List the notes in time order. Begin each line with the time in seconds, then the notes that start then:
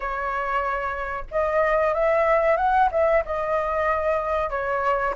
0.00 C#5
1.31 D#5
1.94 E5
2.56 F#5
2.91 E5
3.25 D#5
4.50 C#5